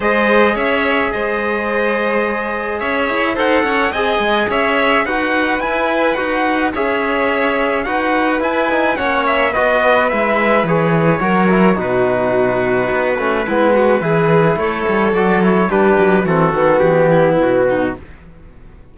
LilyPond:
<<
  \new Staff \with { instrumentName = "trumpet" } { \time 4/4 \tempo 4 = 107 dis''4 e''4 dis''2~ | dis''4 e''4 fis''4 gis''4 | e''4 fis''4 gis''4 fis''4 | e''2 fis''4 gis''4 |
fis''8 e''8 dis''4 e''4 cis''4~ | cis''4 b'2.~ | b'2 cis''4 d''8 cis''8 | b'4 a'4 g'4 fis'4 | }
  \new Staff \with { instrumentName = "violin" } { \time 4/4 c''4 cis''4 c''2~ | c''4 cis''4 c''8 cis''8 dis''4 | cis''4 b'2. | cis''2 b'2 |
cis''4 b'2. | ais'4 fis'2. | e'8 fis'8 gis'4 a'2 | g'4 fis'4. e'4 dis'8 | }
  \new Staff \with { instrumentName = "trombone" } { \time 4/4 gis'1~ | gis'2 a'4 gis'4~ | gis'4 fis'4 e'4 fis'4 | gis'2 fis'4 e'8 dis'8 |
cis'4 fis'4 e'4 gis'4 | fis'8 e'8 dis'2~ dis'8 cis'8 | b4 e'2 fis'8 e'8 | d'4 c'8 b2~ b8 | }
  \new Staff \with { instrumentName = "cello" } { \time 4/4 gis4 cis'4 gis2~ | gis4 cis'8 e'8 dis'8 cis'8 c'8 gis8 | cis'4 dis'4 e'4 dis'4 | cis'2 dis'4 e'4 |
ais4 b4 gis4 e4 | fis4 b,2 b8 a8 | gis4 e4 a8 g8 fis4 | g8 fis8 e8 dis8 e4 b,4 | }
>>